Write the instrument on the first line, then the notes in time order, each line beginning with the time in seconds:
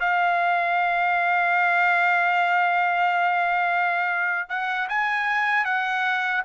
trumpet
0.00 F5
4.49 F#5
4.89 G#5
5.65 F#5